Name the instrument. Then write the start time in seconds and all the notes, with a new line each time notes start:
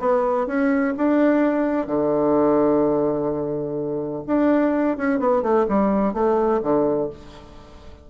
bassoon
0.00 B3
0.47 C#4
0.98 D4
1.87 D3
4.27 D4
4.98 C#4
5.20 B3
5.43 A3
5.69 G3
6.14 A3
6.63 D3